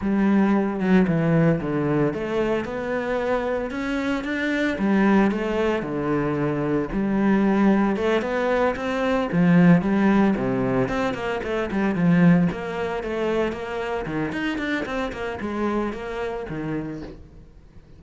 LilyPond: \new Staff \with { instrumentName = "cello" } { \time 4/4 \tempo 4 = 113 g4. fis8 e4 d4 | a4 b2 cis'4 | d'4 g4 a4 d4~ | d4 g2 a8 b8~ |
b8 c'4 f4 g4 c8~ | c8 c'8 ais8 a8 g8 f4 ais8~ | ais8 a4 ais4 dis8 dis'8 d'8 | c'8 ais8 gis4 ais4 dis4 | }